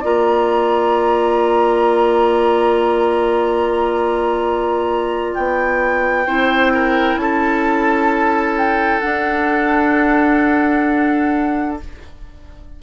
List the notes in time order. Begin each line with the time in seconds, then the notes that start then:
0.00 A#3 F4 D5 A#5
5.34 B3 G5
6.26 C4 E4 C5
6.74 A#4
7.15 C#4 A4 A5
8.57 G5
9.00 D4 F#5